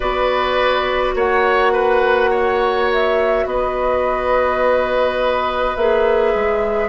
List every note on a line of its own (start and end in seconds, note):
0.00 1.14 B3
0.00 5.77 F#4
0.00 1.14 B4
0.00 1.15 D5
1.14 3.45 A#3
1.14 1.72 C#5
1.14 2.91 F#5
1.72 2.30 B4
2.30 3.45 C#5
2.92 3.47 E5
3.45 5.76 B3
3.45 6.89 B4
3.45 5.75 D#5
5.75 6.34 A#3
5.75 6.89 G#4
5.75 6.89 E5
6.34 6.89 G#3